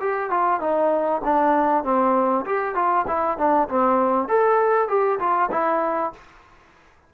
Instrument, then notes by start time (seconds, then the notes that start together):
trombone
0.00 G4
0.30 F4
0.60 D#4
1.24 D4
1.84 C4
2.45 G4
2.75 F4
3.07 E4
3.38 D4
3.68 C4
4.28 A4
4.88 G4
5.19 F4
5.51 E4